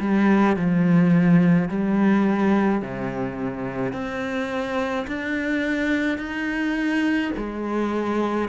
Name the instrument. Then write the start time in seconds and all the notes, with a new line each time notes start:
cello
0.00 G3
0.56 F3
1.69 G3
2.81 C3
3.93 C4
5.07 D4
6.17 D#4
7.36 G#3